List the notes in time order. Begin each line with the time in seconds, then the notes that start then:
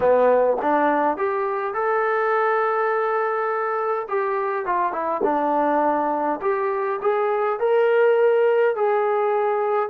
0.00 B3
0.61 D4
1.17 G4
1.74 A4
4.08 G4
4.65 F4
4.92 E4
5.23 D4
6.41 G4
7.01 G#4
7.59 A#4
8.75 G#4